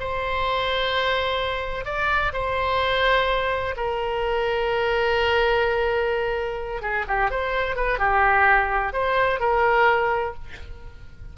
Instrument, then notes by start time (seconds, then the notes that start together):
oboe
0.00 C5
1.86 D5
2.34 C5
3.77 A#4
6.82 G#4
7.08 G4
7.31 C5
7.76 B4
7.99 G4
8.94 C5
9.40 A#4